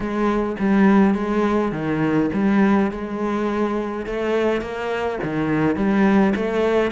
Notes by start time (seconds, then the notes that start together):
0.00 G#3
0.59 G3
1.14 G#3
1.72 D#3
2.33 G3
2.91 G#3
4.05 A3
4.61 A#3
5.23 D#3
5.75 G3
6.35 A3